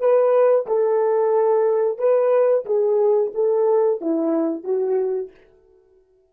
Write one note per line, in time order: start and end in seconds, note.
0.00 0.67 B4
0.67 1.98 A4
1.98 2.65 B4
2.66 3.32 G#4
3.35 4.02 A4
4.02 4.64 E4
4.64 5.31 F#4